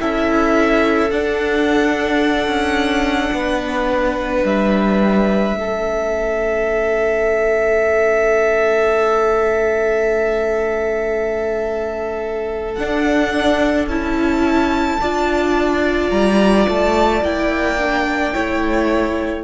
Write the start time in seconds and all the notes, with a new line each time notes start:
0.00 C#4 E4 A4 E5
1.11 D4 F#5
2.47 C#4
3.33 B3 B4
4.44 G3 E5
5.55 A3 C#4 A4
12.75 D4 F#5
13.87 C#4 E4 A5
15.01 D4 F4 D5
16.10 G3 A#5
16.68 A3 A5
17.22 A#3 E4 G5
17.78 D4
18.34 A3 E4 C#5